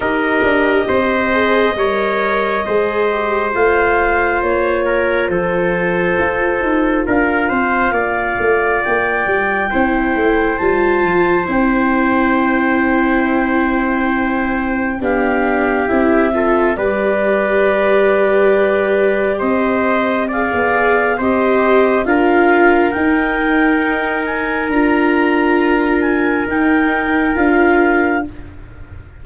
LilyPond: <<
  \new Staff \with { instrumentName = "clarinet" } { \time 4/4 \tempo 4 = 68 dis''1 | f''4 cis''4 c''2 | f''2 g''2 | a''4 g''2.~ |
g''4 f''4 e''4 d''4~ | d''2 dis''4 f''4 | dis''4 f''4 g''4. gis''8 | ais''4. gis''8 g''4 f''4 | }
  \new Staff \with { instrumentName = "trumpet" } { \time 4/4 ais'4 c''4 cis''4 c''4~ | c''4. ais'8 a'2 | ais'8 c''8 d''2 c''4~ | c''1~ |
c''4 g'4. a'8 b'4~ | b'2 c''4 d''4 | c''4 ais'2.~ | ais'1 | }
  \new Staff \with { instrumentName = "viola" } { \time 4/4 g'4. gis'8 ais'4 gis'8 g'8 | f'1~ | f'2. e'4 | f'4 e'2.~ |
e'4 d'4 e'8 f'8 g'4~ | g'2. gis'4 | g'4 f'4 dis'2 | f'2 dis'4 f'4 | }
  \new Staff \with { instrumentName = "tuba" } { \time 4/4 dis'8 d'8 c'4 g4 gis4 | a4 ais4 f4 f'8 dis'8 | d'8 c'8 ais8 a8 ais8 g8 c'8 a8 | g8 f8 c'2.~ |
c'4 b4 c'4 g4~ | g2 c'4~ c'16 b8. | c'4 d'4 dis'2 | d'2 dis'4 d'4 | }
>>